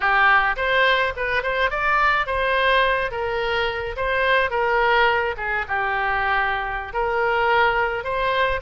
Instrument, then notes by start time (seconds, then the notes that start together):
oboe
0.00 G4
0.56 C5
1.16 B4
1.42 C5
1.70 D5
2.26 C5
3.11 A#4
3.96 C5
4.50 A#4
5.37 G#4
5.68 G4
6.93 A#4
8.04 C5